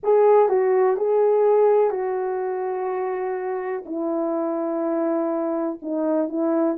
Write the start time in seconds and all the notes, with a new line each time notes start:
0.03 G#4
0.48 F#4
0.96 G#4
1.90 F#4
3.85 E4
5.82 D#4
6.28 E4